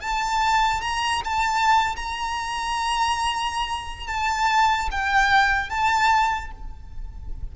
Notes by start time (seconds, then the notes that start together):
0.00 A5
0.81 A#5
1.24 A5
1.95 A#5
4.07 A5
4.91 G5
5.69 A5